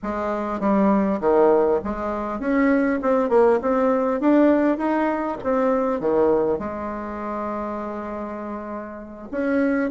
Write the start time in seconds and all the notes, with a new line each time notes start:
0.02 G#3
0.59 G3
1.20 D#3
1.84 G#3
2.39 C#4
3.02 C4
3.29 A#3
3.61 C4
4.20 D4
4.77 D#4
5.43 C4
6.00 D#3
6.58 G#3
9.31 C#4